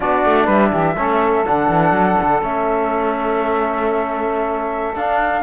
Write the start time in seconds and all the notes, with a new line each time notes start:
0.00 B3 D4 F#4 D5
0.24 A3
0.44 G3 B4 E5
0.70 E3 G4
0.96 A3 C#4 A4
1.45 D3 D4 F#5
1.69 E3
1.91 F#3
2.21 D3
2.41 A3 C#4 E5
4.95 D4 F5